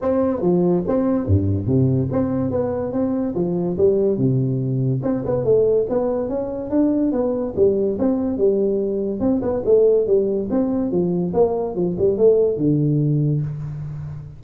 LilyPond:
\new Staff \with { instrumentName = "tuba" } { \time 4/4 \tempo 4 = 143 c'4 f4 c'4 g,4 | c4 c'4 b4 c'4 | f4 g4 c2 | c'8 b8 a4 b4 cis'4 |
d'4 b4 g4 c'4 | g2 c'8 b8 a4 | g4 c'4 f4 ais4 | f8 g8 a4 d2 | }